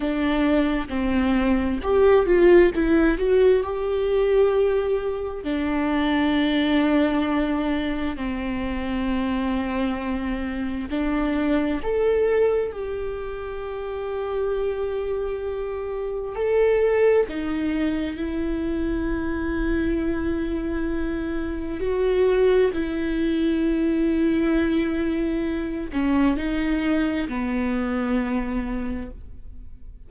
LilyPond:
\new Staff \with { instrumentName = "viola" } { \time 4/4 \tempo 4 = 66 d'4 c'4 g'8 f'8 e'8 fis'8 | g'2 d'2~ | d'4 c'2. | d'4 a'4 g'2~ |
g'2 a'4 dis'4 | e'1 | fis'4 e'2.~ | e'8 cis'8 dis'4 b2 | }